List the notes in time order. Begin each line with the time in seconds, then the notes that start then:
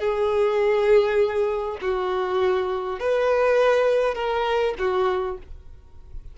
0.00 G#4
1.82 F#4
3.00 B4
4.15 A#4
4.79 F#4